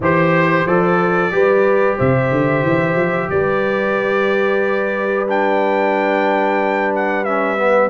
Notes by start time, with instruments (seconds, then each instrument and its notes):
0.00 tuba E3, trombone G4, horn C5, trumpet C5
0.65 tuba F3, trombone A4, trumpet D5
1.31 tuba G3, trombone G4, horn B4
1.97 tuba C3, horn C5, trumpet E5
2.31 tuba D3
2.63 tuba E3
2.95 tuba F3
3.30 tuba G3, horn B4, trumpet D5
5.27 trombone D4, trumpet G5
6.95 trumpet F#5
7.24 trombone C#4, trumpet E5
7.57 trombone B3